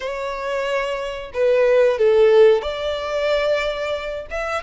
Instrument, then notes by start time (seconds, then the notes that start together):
violin
0.00 C#5
1.33 B4
1.98 A4
2.61 D5
4.30 E5